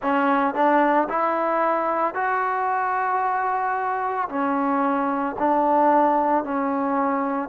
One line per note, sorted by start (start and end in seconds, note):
0.02 0.54 C#4
0.54 1.08 D4
1.09 2.14 E4
2.14 4.28 F#4
4.29 5.36 C#4
5.39 6.43 D4
6.43 7.49 C#4